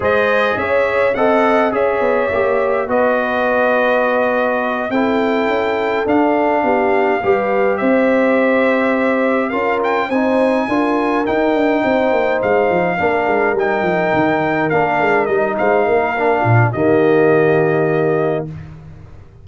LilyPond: <<
  \new Staff \with { instrumentName = "trumpet" } { \time 4/4 \tempo 4 = 104 dis''4 e''4 fis''4 e''4~ | e''4 dis''2.~ | dis''8 g''2 f''4.~ | f''4. e''2~ e''8~ |
e''8 f''8 g''8 gis''2 g''8~ | g''4. f''2 g''8~ | g''4. f''4 dis''8 f''4~ | f''4 dis''2. | }
  \new Staff \with { instrumentName = "horn" } { \time 4/4 c''4 cis''4 dis''4 cis''4~ | cis''4 b'2.~ | b'8 a'2. g'8~ | g'8 b'4 c''2~ c''8~ |
c''8 ais'4 c''4 ais'4.~ | ais'8 c''2 ais'4.~ | ais'2. c''8 ais'8~ | ais'8 f'8 g'2. | }
  \new Staff \with { instrumentName = "trombone" } { \time 4/4 gis'2 a'4 gis'4 | g'4 fis'2.~ | fis'8 e'2 d'4.~ | d'8 g'2.~ g'8~ |
g'8 f'4 dis'4 f'4 dis'8~ | dis'2~ dis'8 d'4 dis'8~ | dis'4. d'4 dis'4. | d'4 ais2. | }
  \new Staff \with { instrumentName = "tuba" } { \time 4/4 gis4 cis'4 c'4 cis'8 b8 | ais4 b2.~ | b8 c'4 cis'4 d'4 b8~ | b8 g4 c'2~ c'8~ |
c'8 cis'4 c'4 d'4 dis'8 | d'8 c'8 ais8 gis8 f8 ais8 gis8 g8 | f8 dis4 ais8 gis8 g8 gis8 ais8~ | ais8 ais,8 dis2. | }
>>